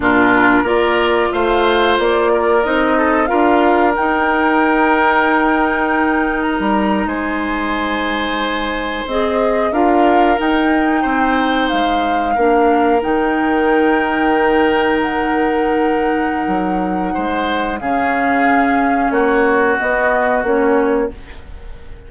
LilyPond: <<
  \new Staff \with { instrumentName = "flute" } { \time 4/4 \tempo 4 = 91 ais'4 d''4 f''4 d''4 | dis''4 f''4 g''2~ | g''4.~ g''16 ais''4 gis''4~ gis''16~ | gis''4.~ gis''16 dis''4 f''4 g''16~ |
g''4.~ g''16 f''2 g''16~ | g''2~ g''8. fis''4~ fis''16~ | fis''2. f''4~ | f''4 cis''4 dis''4 cis''4 | }
  \new Staff \with { instrumentName = "oboe" } { \time 4/4 f'4 ais'4 c''4. ais'8~ | ais'8 a'8 ais'2.~ | ais'2~ ais'8. c''4~ c''16~ | c''2~ c''8. ais'4~ ais'16~ |
ais'8. c''2 ais'4~ ais'16~ | ais'1~ | ais'2 c''4 gis'4~ | gis'4 fis'2. | }
  \new Staff \with { instrumentName = "clarinet" } { \time 4/4 d'4 f'2. | dis'4 f'4 dis'2~ | dis'1~ | dis'4.~ dis'16 gis'4 f'4 dis'16~ |
dis'2~ dis'8. d'4 dis'16~ | dis'1~ | dis'2. cis'4~ | cis'2 b4 cis'4 | }
  \new Staff \with { instrumentName = "bassoon" } { \time 4/4 ais,4 ais4 a4 ais4 | c'4 d'4 dis'2~ | dis'2 g8. gis4~ gis16~ | gis4.~ gis16 c'4 d'4 dis'16~ |
dis'8. c'4 gis4 ais4 dis16~ | dis1~ | dis4 fis4 gis4 cis4~ | cis4 ais4 b4 ais4 | }
>>